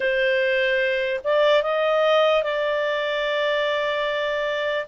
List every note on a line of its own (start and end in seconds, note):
0.00 1.20 C5
1.24 1.62 D5
1.62 2.43 D#5
2.43 4.86 D5